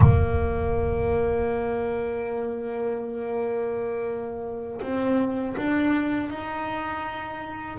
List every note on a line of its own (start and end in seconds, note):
0.00 4.80 A#3
4.81 5.55 C4
5.57 6.30 D4
6.30 7.78 D#4